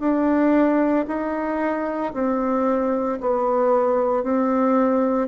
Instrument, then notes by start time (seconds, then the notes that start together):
bassoon
0.00 D4
1.08 D#4
2.14 C4
3.21 B3
4.23 C4